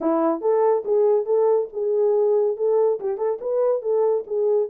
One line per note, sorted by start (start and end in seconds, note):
0.01 0.41 E4
0.41 0.83 A4
0.85 1.25 G#4
1.25 1.68 A4
1.72 2.56 G#4
2.56 2.99 A4
3.00 3.17 G4
3.17 3.38 A4
3.40 3.81 B4
3.81 4.24 A4
4.26 4.69 G#4